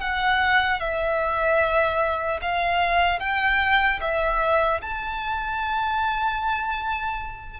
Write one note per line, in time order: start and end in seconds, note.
0.00 0.80 F#5
0.80 2.40 E5
2.41 3.19 F5
3.19 3.99 G5
4.00 4.80 E5
4.81 7.60 A5